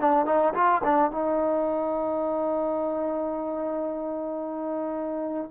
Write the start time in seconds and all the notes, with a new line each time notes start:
0.00 D4
0.26 D#4
0.54 F4
0.84 D4
1.11 D#4